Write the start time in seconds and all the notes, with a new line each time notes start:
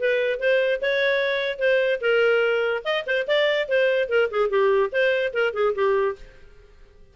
0.00 B4
0.39 C5
0.81 C#5
1.59 C5
2.01 A#4
2.84 D#5
3.06 C5
3.27 D5
3.68 C5
4.09 A#4
4.31 G#4
4.50 G4
4.92 C5
5.33 A#4
5.53 G#4
5.75 G4